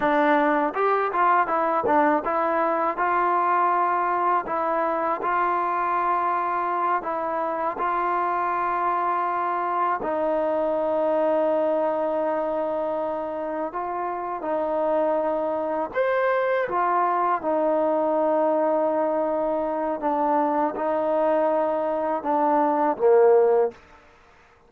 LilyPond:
\new Staff \with { instrumentName = "trombone" } { \time 4/4 \tempo 4 = 81 d'4 g'8 f'8 e'8 d'8 e'4 | f'2 e'4 f'4~ | f'4. e'4 f'4.~ | f'4. dis'2~ dis'8~ |
dis'2~ dis'8 f'4 dis'8~ | dis'4. c''4 f'4 dis'8~ | dis'2. d'4 | dis'2 d'4 ais4 | }